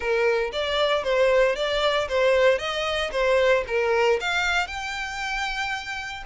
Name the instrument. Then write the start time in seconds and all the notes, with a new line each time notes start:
violin
0.00 A#4
0.52 D5
1.03 C5
1.55 D5
2.08 C5
2.58 D#5
3.11 C5
3.67 A#4
4.20 F5
4.67 G5